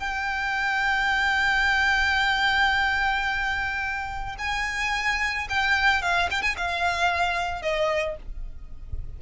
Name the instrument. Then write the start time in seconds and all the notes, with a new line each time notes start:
violin
0.00 G5
4.39 G#5
5.50 G5
6.02 F5
6.31 G5
6.42 G#5
6.57 F5
7.62 D#5